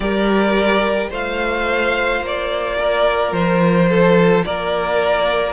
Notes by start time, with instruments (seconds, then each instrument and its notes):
0.00 cello G3, viola G4, violin A#4 D5
1.09 cello A3, viola F4, violin C5 F5
2.21 cello A#3, violin D5
2.78 violin A#4
3.32 cello F3, violin C5
3.89 violin A4
4.44 cello A#3, violin A#4 D5